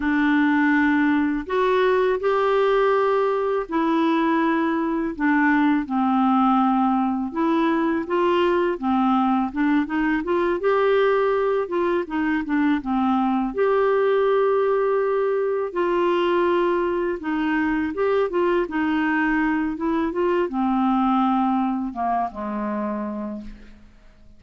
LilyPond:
\new Staff \with { instrumentName = "clarinet" } { \time 4/4 \tempo 4 = 82 d'2 fis'4 g'4~ | g'4 e'2 d'4 | c'2 e'4 f'4 | c'4 d'8 dis'8 f'8 g'4. |
f'8 dis'8 d'8 c'4 g'4.~ | g'4. f'2 dis'8~ | dis'8 g'8 f'8 dis'4. e'8 f'8 | c'2 ais8 gis4. | }